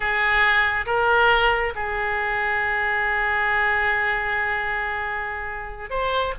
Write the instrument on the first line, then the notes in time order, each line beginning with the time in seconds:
oboe
0.00 G#4
0.86 A#4
1.75 G#4
5.89 C5